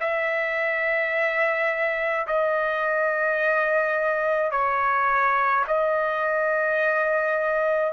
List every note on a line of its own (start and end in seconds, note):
0.00 2.26 E5
2.27 4.52 D#5
4.52 5.65 C#5
5.68 7.93 D#5